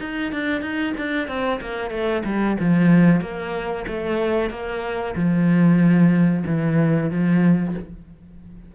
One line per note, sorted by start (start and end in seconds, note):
0.00 0.32 D#4
0.32 0.61 D4
0.61 0.94 D#4
0.98 1.28 D4
1.28 1.60 C4
1.61 1.91 A#3
1.91 2.23 A3
2.25 2.57 G3
2.60 3.21 F3
3.21 3.85 A#3
3.87 4.50 A3
4.50 5.15 A#3
5.15 6.44 F3
6.46 7.10 E3
7.10 7.74 F3